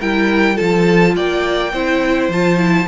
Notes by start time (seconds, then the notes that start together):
0.00 G3 E4 A#4 G5
0.56 F3 F4 A4 A5
1.16 A#3 D5 G5
1.73 C4 E4 C5
2.29 F3 F4 A5
2.59 E4